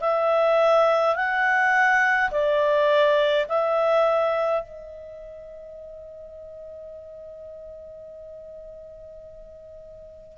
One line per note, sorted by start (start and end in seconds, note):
0.00 1.15 E5
1.15 2.30 F#5
2.31 3.46 D5
3.48 4.63 E5
4.63 10.37 D#5